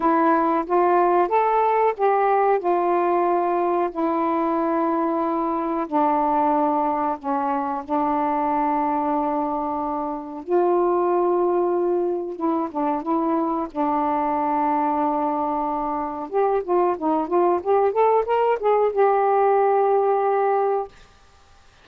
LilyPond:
\new Staff \with { instrumentName = "saxophone" } { \time 4/4 \tempo 4 = 92 e'4 f'4 a'4 g'4 | f'2 e'2~ | e'4 d'2 cis'4 | d'1 |
f'2. e'8 d'8 | e'4 d'2.~ | d'4 g'8 f'8 dis'8 f'8 g'8 a'8 | ais'8 gis'8 g'2. | }